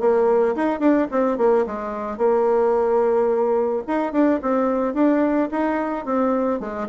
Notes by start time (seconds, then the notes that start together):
0.00 A#3
0.56 D#4
0.80 D4
1.11 C4
1.37 A#3
1.66 G#3
2.18 A#3
3.87 D#4
4.13 D4
4.42 C4
4.94 D4
5.51 D#4
6.05 C4
6.60 G#3